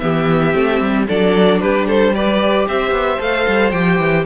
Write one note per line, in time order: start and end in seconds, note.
0.00 0.55 E3
0.00 0.53 B3
0.00 1.08 G4
0.00 1.06 E5
0.53 0.81 A3
0.53 1.06 C4
0.81 1.08 G3
1.08 1.62 F#3
1.08 2.15 D4
1.08 1.61 A4
1.08 1.61 D5
1.61 2.68 G3
1.61 1.87 G4
1.61 1.87 B4
1.87 2.14 A4
1.87 2.15 C5
2.15 3.19 G4
2.15 2.68 B4
2.15 2.68 D5
2.68 2.92 C4
2.68 4.26 C5
2.68 3.21 E5
2.92 3.18 B3
3.19 3.47 A3
3.19 3.72 A4
3.19 3.71 F5
3.48 3.73 G3
3.71 3.99 F3
3.71 4.26 G4
3.71 4.25 G5
3.99 4.26 E3